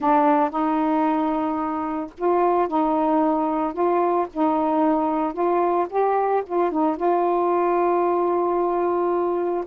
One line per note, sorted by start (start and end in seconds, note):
0.00 0.50 D4
0.50 2.10 D#4
2.17 2.68 F4
2.68 3.73 D#4
3.73 4.26 F4
4.33 5.33 D#4
5.33 5.86 F4
5.89 6.43 G4
6.46 6.71 F4
6.71 6.96 D#4
6.96 9.64 F4